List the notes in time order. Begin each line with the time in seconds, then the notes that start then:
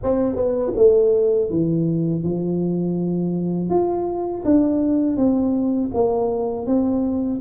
0.03 C4
0.35 B3
0.76 A3
1.50 E3
2.23 F3
3.69 F4
4.44 D4
5.16 C4
5.94 A#3
6.66 C4